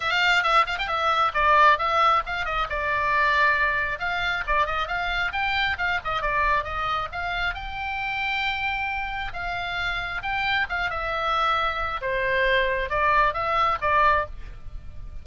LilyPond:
\new Staff \with { instrumentName = "oboe" } { \time 4/4 \tempo 4 = 135 f''4 e''8 f''16 g''16 e''4 d''4 | e''4 f''8 dis''8 d''2~ | d''4 f''4 d''8 dis''8 f''4 | g''4 f''8 dis''8 d''4 dis''4 |
f''4 g''2.~ | g''4 f''2 g''4 | f''8 e''2~ e''8 c''4~ | c''4 d''4 e''4 d''4 | }